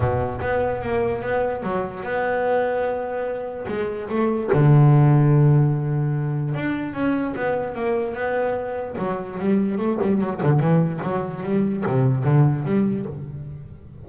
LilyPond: \new Staff \with { instrumentName = "double bass" } { \time 4/4 \tempo 4 = 147 b,4 b4 ais4 b4 | fis4 b2.~ | b4 gis4 a4 d4~ | d1 |
d'4 cis'4 b4 ais4 | b2 fis4 g4 | a8 g8 fis8 d8 e4 fis4 | g4 c4 d4 g4 | }